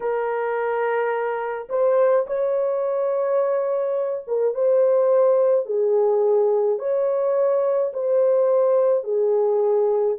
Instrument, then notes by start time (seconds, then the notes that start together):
horn
0.00 A#4
1.69 C5
2.26 C#5
4.27 A#4
4.54 C5
5.66 G#4
6.79 C#5
7.93 C5
9.03 G#4